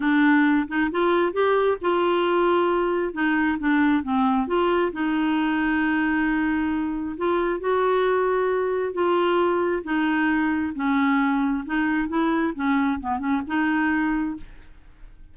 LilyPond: \new Staff \with { instrumentName = "clarinet" } { \time 4/4 \tempo 4 = 134 d'4. dis'8 f'4 g'4 | f'2. dis'4 | d'4 c'4 f'4 dis'4~ | dis'1 |
f'4 fis'2. | f'2 dis'2 | cis'2 dis'4 e'4 | cis'4 b8 cis'8 dis'2 | }